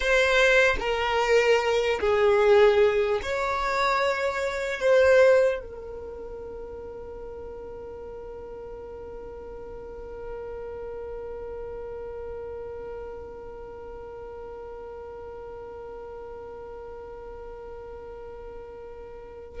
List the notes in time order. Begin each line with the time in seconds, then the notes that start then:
0.00 C5
0.79 A#4
2.00 G#4
3.22 C#5
4.80 C5
5.60 A#4